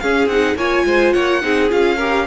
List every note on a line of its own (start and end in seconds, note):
0.00 0.30 C#4
0.00 0.27 C#4
0.00 0.58 G#4
0.00 0.28 F5
0.27 0.56 C4
0.27 0.59 D#4
0.27 0.57 F#5
0.56 0.84 A#3
0.56 1.43 F4
0.56 0.86 C#5
0.56 1.13 G#5
0.86 1.14 G#3
0.86 1.15 C5
1.13 1.44 A#3
1.13 1.43 C#5
1.13 1.70 F#5
1.43 1.72 C4
1.43 1.70 D#4
1.43 1.98 G#4
1.70 2.28 C#4
1.70 1.98 F4
1.70 2.28 F5
1.98 2.28 G4
1.98 2.26 A#4